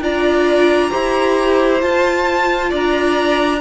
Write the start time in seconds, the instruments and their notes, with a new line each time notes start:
0.00 cello D4, viola F4, violin D5 A#5
0.90 cello E4, viola G4, violin C5
1.80 viola F4, cello F4, violin A5
2.69 cello D4, violin D5 A#5